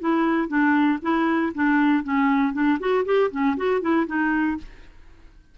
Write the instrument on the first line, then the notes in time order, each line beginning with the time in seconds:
clarinet
0.00 E4
0.49 D4
1.02 E4
1.55 D4
2.04 C#4
2.53 D4
2.80 F#4
3.06 G4
3.31 C#4
3.57 F#4
3.82 E4
4.07 D#4